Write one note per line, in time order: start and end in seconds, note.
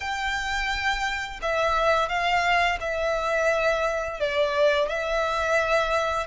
0.00 1.40 G5
1.41 2.08 E5
2.08 2.78 F5
2.80 4.20 E5
4.20 4.88 D5
4.88 6.26 E5